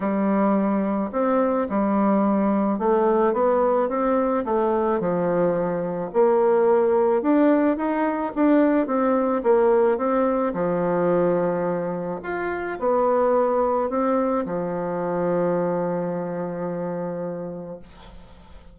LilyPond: \new Staff \with { instrumentName = "bassoon" } { \time 4/4 \tempo 4 = 108 g2 c'4 g4~ | g4 a4 b4 c'4 | a4 f2 ais4~ | ais4 d'4 dis'4 d'4 |
c'4 ais4 c'4 f4~ | f2 f'4 b4~ | b4 c'4 f2~ | f1 | }